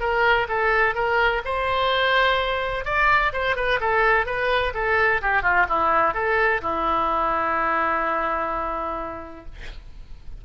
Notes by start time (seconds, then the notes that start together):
0.00 A#4
0.49 A4
0.95 A#4
1.45 C5
2.85 D5
3.33 C5
3.56 B4
3.81 A4
4.26 B4
4.74 A4
5.22 G4
5.42 F4
5.69 E4
6.14 A4
6.62 E4